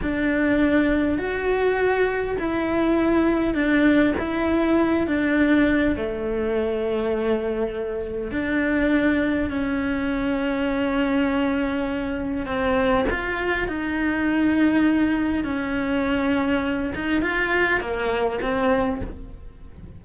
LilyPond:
\new Staff \with { instrumentName = "cello" } { \time 4/4 \tempo 4 = 101 d'2 fis'2 | e'2 d'4 e'4~ | e'8 d'4. a2~ | a2 d'2 |
cis'1~ | cis'4 c'4 f'4 dis'4~ | dis'2 cis'2~ | cis'8 dis'8 f'4 ais4 c'4 | }